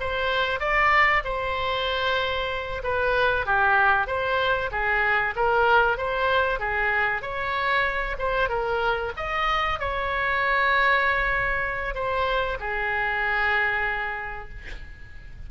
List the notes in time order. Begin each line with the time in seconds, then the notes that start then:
0.00 C5
0.59 D5
1.24 C5
2.83 B4
3.45 G4
4.07 C5
4.71 G#4
5.36 A#4
5.97 C5
6.59 G#4
7.21 C#5
8.18 C5
8.49 A#4
9.16 D#5
9.79 C#5
11.94 C5
12.59 G#4